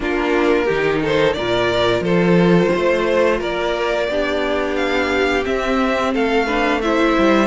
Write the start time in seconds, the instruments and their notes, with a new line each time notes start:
0.00 cello A#3, viola D4, violin F4 A#4
0.65 cello D#3, viola D#4, violin G4
1.01 violin A4 C5
1.33 cello A#2, viola F4, violin A#4 D5
2.00 cello F3, violin A4 C5
2.71 cello A3, violin C5
3.39 cello A#3, violin A#4 D5
4.08 cello B3, viola D4, violin G4
4.75 violin F5
5.42 viola C4, cello C4, violin E5
6.13 cello A3, violin A4 F5
6.46 viola D4, violin B4
6.81 viola E4, violin C5 E5
7.17 cello G3